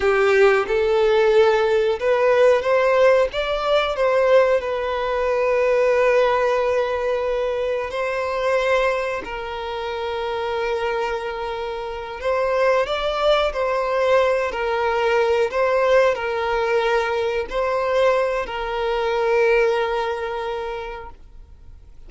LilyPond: \new Staff \with { instrumentName = "violin" } { \time 4/4 \tempo 4 = 91 g'4 a'2 b'4 | c''4 d''4 c''4 b'4~ | b'1 | c''2 ais'2~ |
ais'2~ ais'8 c''4 d''8~ | d''8 c''4. ais'4. c''8~ | c''8 ais'2 c''4. | ais'1 | }